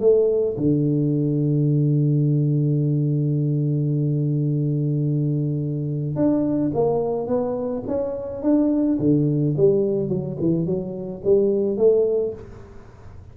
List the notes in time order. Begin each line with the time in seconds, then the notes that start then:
0.00 A3
0.57 D3
6.16 D4
6.74 A#3
7.27 B3
7.87 C#4
8.43 D4
8.99 D3
9.57 G3
10.09 F#3
10.40 E3
10.66 F#3
11.24 G3
11.77 A3